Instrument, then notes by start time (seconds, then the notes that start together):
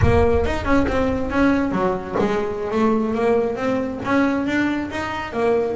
double bass
0.02 A#3
0.45 D#4
0.64 C#4
0.87 C4
1.30 C#4
1.71 F#3
2.18 G#3
2.71 A3
3.14 A#3
3.56 C4
4.05 C#4
4.46 D4
4.90 D#4
5.33 A#3